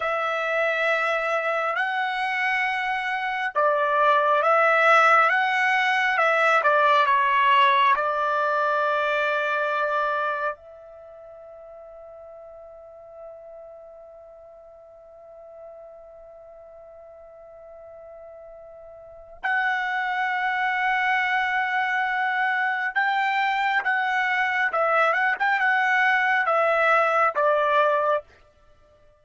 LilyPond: \new Staff \with { instrumentName = "trumpet" } { \time 4/4 \tempo 4 = 68 e''2 fis''2 | d''4 e''4 fis''4 e''8 d''8 | cis''4 d''2. | e''1~ |
e''1~ | e''2 fis''2~ | fis''2 g''4 fis''4 | e''8 fis''16 g''16 fis''4 e''4 d''4 | }